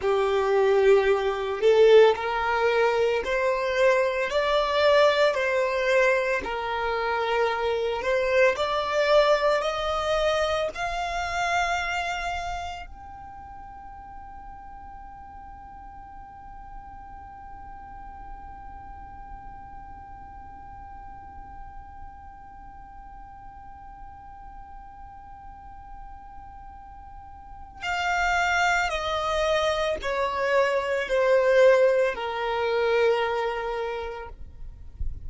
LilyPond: \new Staff \with { instrumentName = "violin" } { \time 4/4 \tempo 4 = 56 g'4. a'8 ais'4 c''4 | d''4 c''4 ais'4. c''8 | d''4 dis''4 f''2 | g''1~ |
g''1~ | g''1~ | g''2 f''4 dis''4 | cis''4 c''4 ais'2 | }